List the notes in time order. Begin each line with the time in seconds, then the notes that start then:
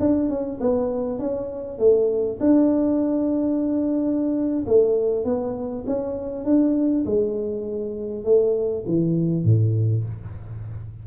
0.00 D4
0.30 C#4
0.60 B3
1.19 C#4
1.79 A3
2.40 D4
4.67 A3
5.24 B3
5.87 C#4
6.45 D4
7.06 G#3
8.24 A3
8.86 E3
9.44 A2